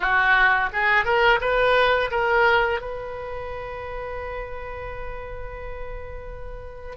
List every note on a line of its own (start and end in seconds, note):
0.00 0.69 F#4
0.73 1.05 G#4
1.05 1.40 A#4
1.40 2.10 B4
2.11 2.80 A#4
2.80 6.96 B4